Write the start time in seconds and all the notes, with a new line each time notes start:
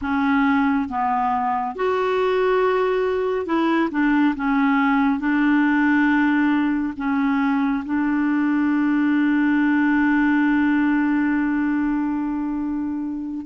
0.01 C#4
0.89 B3
1.75 F#4
3.45 E4
3.91 D4
4.36 C#4
5.19 D4
6.96 C#4
7.85 D4